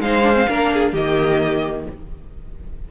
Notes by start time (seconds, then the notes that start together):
0.00 G#3 D#4 C5 F5
0.23 D4
0.33 C4
0.48 A#3 D4 A#4
0.73 G#4
0.92 D#3 A#3 G4 D#5